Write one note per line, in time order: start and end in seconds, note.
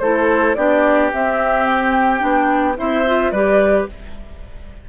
0.00 0.56 A3
0.00 0.57 E4
0.00 0.57 A4
0.00 0.55 C5
0.55 1.12 B3
0.55 1.12 D4
0.55 2.78 G4
0.55 1.10 D5
1.13 2.23 C4
1.13 2.19 C4
1.13 1.66 E5
1.66 2.76 G5
2.19 2.78 B3
2.19 2.74 D4
2.77 3.32 C4
2.77 3.05 E4
2.77 3.32 C5
2.77 3.32 E5
3.07 3.34 F4
3.32 3.87 G3
3.32 3.89 G4
3.32 3.87 B4
3.32 3.87 D5